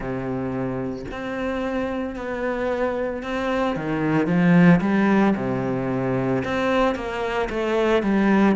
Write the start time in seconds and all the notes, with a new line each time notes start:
0.00 C3
1.11 C4
2.15 B3
3.22 C4
3.75 D#3
4.26 F3
4.80 G3
5.36 C3
6.44 C4
6.95 A#3
7.50 A3
8.02 G3